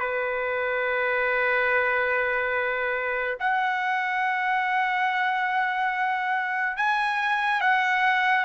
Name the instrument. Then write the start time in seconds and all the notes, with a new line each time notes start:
trumpet
0.00 B4
3.40 F#5
6.77 G#5
7.61 F#5